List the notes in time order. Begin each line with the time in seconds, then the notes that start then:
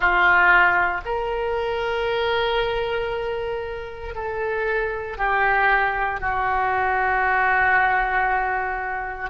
0.00 F4
1.05 A#4
4.14 A4
5.17 G4
6.20 F#4